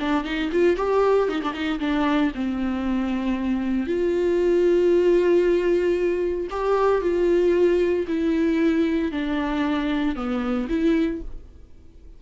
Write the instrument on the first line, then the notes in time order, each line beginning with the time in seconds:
viola
0.00 D4
0.24 D#4
0.52 F4
0.77 G4
1.29 D#4
1.43 D4
1.53 D#4
1.80 D4
2.35 C4
3.87 F4
6.51 G4
7.02 F4
8.08 E4
9.12 D4
10.16 B3
10.69 E4